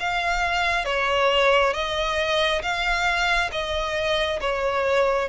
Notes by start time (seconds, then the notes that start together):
0.00 F5
0.85 C#5
1.74 D#5
2.62 F5
3.52 D#5
4.40 C#5